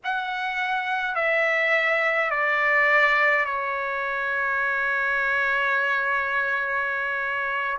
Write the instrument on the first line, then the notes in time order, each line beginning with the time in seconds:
trumpet
0.04 F#5
1.15 E5
2.30 D5
3.45 C#5